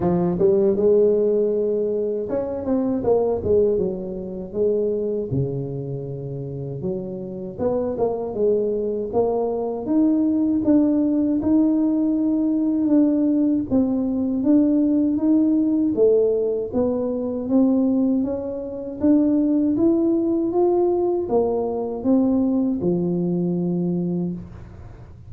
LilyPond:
\new Staff \with { instrumentName = "tuba" } { \time 4/4 \tempo 4 = 79 f8 g8 gis2 cis'8 c'8 | ais8 gis8 fis4 gis4 cis4~ | cis4 fis4 b8 ais8 gis4 | ais4 dis'4 d'4 dis'4~ |
dis'4 d'4 c'4 d'4 | dis'4 a4 b4 c'4 | cis'4 d'4 e'4 f'4 | ais4 c'4 f2 | }